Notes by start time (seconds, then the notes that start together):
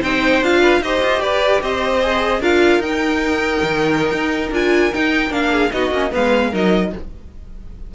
0.00 C4 D#4 C5 G5
0.41 D4 F4 F5
0.61 B4
0.80 D#4 G4 C5 D#5
1.02 F4
1.19 G4 B4 D5
1.61 C4 C5 D#5
2.02 G#4
2.40 D4 F4 A#4 F5
2.78 D#4 G5
3.63 D#3
4.12 D#4
4.50 D4 F4 G#5
4.92 D#4 G5
5.29 A#3 D4 F5
5.51 G#4
5.71 B3 D#4 F#4 D#5
5.91 A#3 C#4
6.10 G#3 B3 B4 F5
6.50 F#3 D#4 A#4 D#5